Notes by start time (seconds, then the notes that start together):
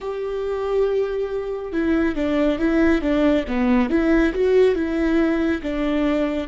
0.00 G4
1.72 E4
2.15 D4
2.58 E4
3.01 D4
3.47 B3
3.89 E4
4.33 F#4
4.75 E4
5.62 D4